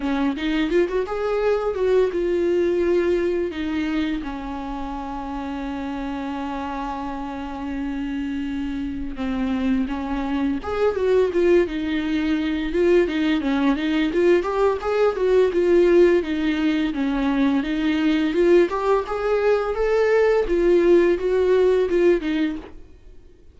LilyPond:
\new Staff \with { instrumentName = "viola" } { \time 4/4 \tempo 4 = 85 cis'8 dis'8 f'16 fis'16 gis'4 fis'8 f'4~ | f'4 dis'4 cis'2~ | cis'1~ | cis'4 c'4 cis'4 gis'8 fis'8 |
f'8 dis'4. f'8 dis'8 cis'8 dis'8 | f'8 g'8 gis'8 fis'8 f'4 dis'4 | cis'4 dis'4 f'8 g'8 gis'4 | a'4 f'4 fis'4 f'8 dis'8 | }